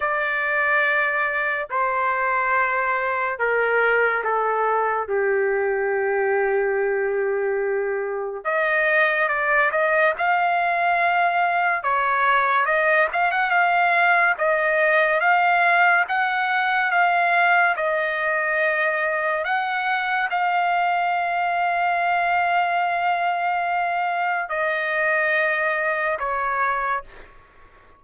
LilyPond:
\new Staff \with { instrumentName = "trumpet" } { \time 4/4 \tempo 4 = 71 d''2 c''2 | ais'4 a'4 g'2~ | g'2 dis''4 d''8 dis''8 | f''2 cis''4 dis''8 f''16 fis''16 |
f''4 dis''4 f''4 fis''4 | f''4 dis''2 fis''4 | f''1~ | f''4 dis''2 cis''4 | }